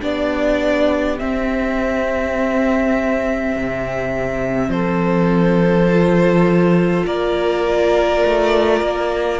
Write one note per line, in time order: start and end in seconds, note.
0.00 1.20 B3
0.00 1.18 D4
0.00 4.72 G4
0.00 1.19 D5
1.19 5.90 C4
1.19 3.56 C4
1.19 4.71 E5
3.56 4.68 C3
4.68 7.03 F3
4.68 7.07 A4
4.68 7.06 C5
5.90 9.40 F4
7.06 8.23 A#3
7.06 9.40 A#4
7.06 9.40 D5
8.25 8.81 A3
8.81 9.40 A#3